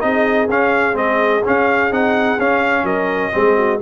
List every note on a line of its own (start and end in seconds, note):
0.00 0.49 C4
0.00 0.47 D#4
0.00 2.84 G#4
0.00 0.48 D#5
0.49 0.95 C#4
0.49 0.93 C#4
0.49 0.97 F5
0.93 1.43 G#3
0.93 1.41 C4
0.93 1.44 D#5
1.44 1.91 C#4
1.44 1.93 F5
1.91 2.38 C4
1.91 2.38 D#4
1.91 2.40 F#5
2.39 2.84 C#4
2.39 3.32 C#4
2.39 2.85 F5
2.84 3.31 F#3
2.84 3.31 A#4
2.84 3.80 D#5
3.32 3.82 G#3
3.32 3.79 C4
3.32 3.57 G#4
3.57 3.80 F#4